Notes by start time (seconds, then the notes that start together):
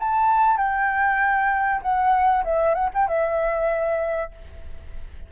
0.00 A5
0.58 G5
1.82 F#5
2.45 E5
2.75 F#5
2.94 G5
3.08 E5